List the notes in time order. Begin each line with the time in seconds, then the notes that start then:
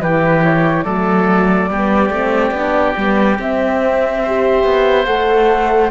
0.00 E3 E4 G4 B4
0.43 C#5
0.83 F#3 A3 A4 D5
1.68 G3 B3 G4
2.10 A3 C4
2.51 B3 D4
2.97 G3 B3
3.38 C4 E5
4.23 G4 C5
4.64 B3
5.05 A3 A4 F#5